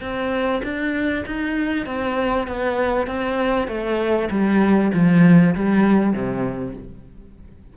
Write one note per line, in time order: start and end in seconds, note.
0.00 0.61 C4
0.63 1.24 D4
1.26 1.85 D#4
1.85 2.47 C4
2.47 3.06 B3
3.06 3.67 C4
3.67 4.29 A3
4.30 4.91 G3
4.93 5.54 F3
5.55 6.13 G3
6.13 6.74 C3